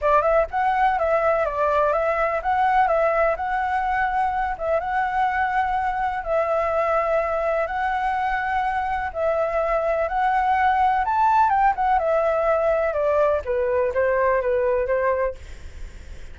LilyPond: \new Staff \with { instrumentName = "flute" } { \time 4/4 \tempo 4 = 125 d''8 e''8 fis''4 e''4 d''4 | e''4 fis''4 e''4 fis''4~ | fis''4. e''8 fis''2~ | fis''4 e''2. |
fis''2. e''4~ | e''4 fis''2 a''4 | g''8 fis''8 e''2 d''4 | b'4 c''4 b'4 c''4 | }